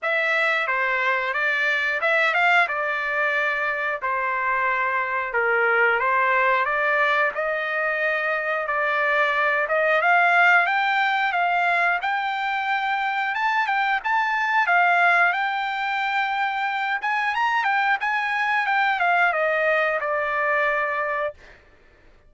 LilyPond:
\new Staff \with { instrumentName = "trumpet" } { \time 4/4 \tempo 4 = 90 e''4 c''4 d''4 e''8 f''8 | d''2 c''2 | ais'4 c''4 d''4 dis''4~ | dis''4 d''4. dis''8 f''4 |
g''4 f''4 g''2 | a''8 g''8 a''4 f''4 g''4~ | g''4. gis''8 ais''8 g''8 gis''4 | g''8 f''8 dis''4 d''2 | }